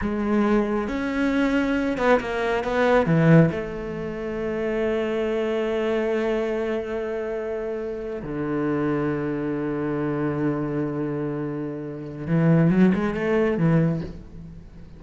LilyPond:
\new Staff \with { instrumentName = "cello" } { \time 4/4 \tempo 4 = 137 gis2 cis'2~ | cis'8 b8 ais4 b4 e4 | a1~ | a1~ |
a2~ a8. d4~ d16~ | d1~ | d1 | e4 fis8 gis8 a4 e4 | }